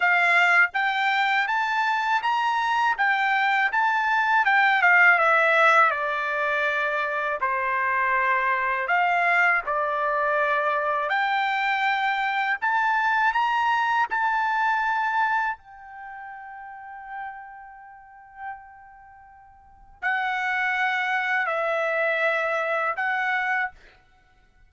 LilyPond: \new Staff \with { instrumentName = "trumpet" } { \time 4/4 \tempo 4 = 81 f''4 g''4 a''4 ais''4 | g''4 a''4 g''8 f''8 e''4 | d''2 c''2 | f''4 d''2 g''4~ |
g''4 a''4 ais''4 a''4~ | a''4 g''2.~ | g''2. fis''4~ | fis''4 e''2 fis''4 | }